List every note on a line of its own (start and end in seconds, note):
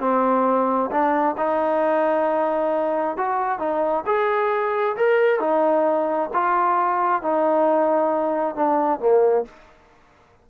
0.00 0.90 C4
0.91 1.36 D4
1.37 3.17 D#4
3.17 3.59 F#4
3.59 4.04 D#4
4.06 4.96 G#4
4.97 5.40 A#4
5.40 6.30 D#4
6.33 7.23 F4
7.23 8.55 D#4
8.55 9.00 D4
9.00 9.45 A#3